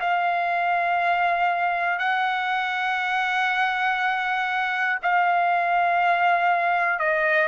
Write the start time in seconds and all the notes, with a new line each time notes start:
0.00 F5
1.99 F#5
5.02 F5
6.99 D#5